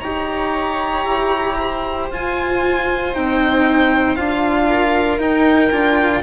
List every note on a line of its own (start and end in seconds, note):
0.00 1.05 D#4
0.00 2.11 G4
0.00 1.56 C#5
0.00 2.07 A#5
1.05 2.08 E4
1.59 4.68 C5
2.10 3.13 F4
2.10 3.14 F4
2.10 3.14 G#5
3.14 4.18 C4
3.14 4.16 D#4
3.14 4.16 G5
4.16 5.19 D4
4.16 5.19 F4
4.16 5.19 F5
4.68 6.22 A#4
5.19 5.70 D#4
5.19 5.71 D#4
5.19 6.22 G5
5.71 6.22 D4
5.71 6.22 F4